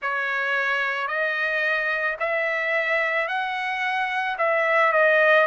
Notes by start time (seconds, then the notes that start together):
0.01 C#5
1.07 D#5
2.19 E5
3.27 F#5
4.38 E5
4.92 D#5